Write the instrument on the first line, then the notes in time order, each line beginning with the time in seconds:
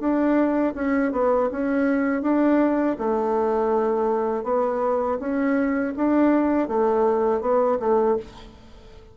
bassoon
0.00 D4
0.75 C#4
1.12 B3
1.52 C#4
2.23 D4
2.99 A3
4.44 B3
5.20 C#4
5.97 D4
6.68 A3
7.41 B3
7.80 A3